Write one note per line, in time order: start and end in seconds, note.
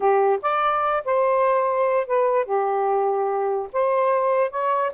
0.00 0.39 G4
0.42 1.03 D5
1.04 2.07 C5
2.07 2.45 B4
2.45 3.68 G4
3.72 4.50 C5
4.50 4.91 C#5